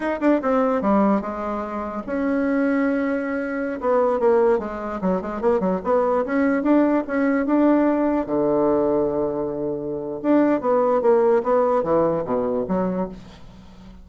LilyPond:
\new Staff \with { instrumentName = "bassoon" } { \time 4/4 \tempo 4 = 147 dis'8 d'8 c'4 g4 gis4~ | gis4 cis'2.~ | cis'4~ cis'16 b4 ais4 gis8.~ | gis16 fis8 gis8 ais8 fis8 b4 cis'8.~ |
cis'16 d'4 cis'4 d'4.~ d'16~ | d'16 d2.~ d8.~ | d4 d'4 b4 ais4 | b4 e4 b,4 fis4 | }